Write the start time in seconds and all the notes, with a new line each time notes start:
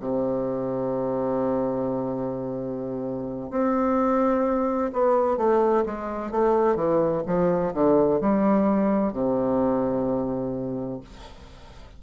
0.00 C3
3.50 C4
4.93 B3
5.37 A3
5.86 G#3
6.31 A3
6.75 E3
7.26 F3
7.73 D3
8.21 G3
9.13 C3